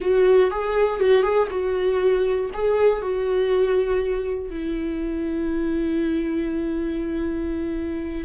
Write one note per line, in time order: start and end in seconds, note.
0.00 0.50 F#4
0.50 1.00 G#4
1.00 1.22 F#4
1.22 1.47 G#4
1.50 2.50 F#4
2.53 3.01 G#4
3.01 4.50 F#4
4.50 8.24 E4